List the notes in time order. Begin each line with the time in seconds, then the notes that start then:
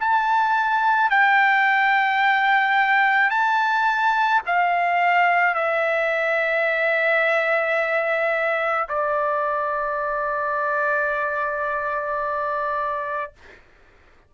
0.00 A5
1.10 G5
3.30 A5
4.46 F5
5.55 E5
8.88 D5